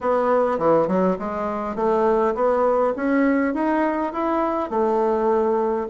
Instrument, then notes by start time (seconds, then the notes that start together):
bassoon
0.00 B3
0.58 E3
0.87 F#3
1.18 G#3
1.75 A3
2.34 B3
2.96 C#4
3.53 D#4
4.12 E4
4.70 A3